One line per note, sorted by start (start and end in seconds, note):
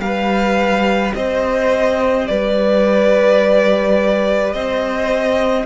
0.00 1.13 G3
0.00 5.66 G4
0.00 1.16 B4
0.00 1.14 F5
1.15 2.28 C4
1.15 2.29 C5
1.15 2.28 D#5
2.28 4.54 G3
2.28 4.55 B4
2.28 4.53 D5
4.53 5.66 C4
4.53 5.66 C5
4.53 5.66 D#5